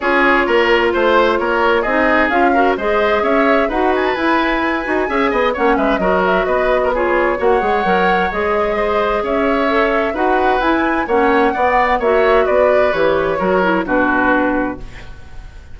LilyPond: <<
  \new Staff \with { instrumentName = "flute" } { \time 4/4 \tempo 4 = 130 cis''2 c''4 cis''4 | dis''4 f''4 dis''4 e''4 | fis''8 gis''16 a''16 gis''2. | fis''8 e''8 dis''8 e''8 dis''4 cis''4 |
fis''2 dis''2 | e''2 fis''4 gis''4 | fis''2 e''4 d''4 | cis''2 b'2 | }
  \new Staff \with { instrumentName = "oboe" } { \time 4/4 gis'4 ais'4 c''4 ais'4 | gis'4. ais'8 c''4 cis''4 | b'2. e''8 dis''8 | cis''8 b'8 ais'4 b'8. ais'16 gis'4 |
cis''2. c''4 | cis''2 b'2 | cis''4 d''4 cis''4 b'4~ | b'4 ais'4 fis'2 | }
  \new Staff \with { instrumentName = "clarinet" } { \time 4/4 f'1 | dis'4 f'8 fis'8 gis'2 | fis'4 e'4. fis'8 gis'4 | cis'4 fis'2 f'4 |
fis'8 gis'8 ais'4 gis'2~ | gis'4 a'4 fis'4 e'4 | cis'4 b4 fis'2 | g'4 fis'8 e'8 d'2 | }
  \new Staff \with { instrumentName = "bassoon" } { \time 4/4 cis'4 ais4 a4 ais4 | c'4 cis'4 gis4 cis'4 | dis'4 e'4. dis'8 cis'8 b8 | ais8 gis8 fis4 b2 |
ais8 gis8 fis4 gis2 | cis'2 dis'4 e'4 | ais4 b4 ais4 b4 | e4 fis4 b,2 | }
>>